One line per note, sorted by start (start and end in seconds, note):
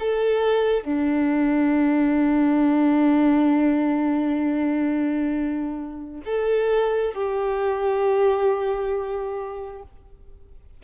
0.00 0.84 A4
0.84 6.22 D4
6.25 7.14 A4
7.14 9.83 G4